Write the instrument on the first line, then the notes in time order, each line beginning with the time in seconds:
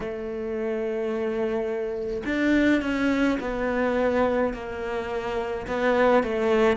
cello
0.00 A3
2.25 D4
2.81 C#4
3.40 B3
4.53 A#3
5.67 B3
6.23 A3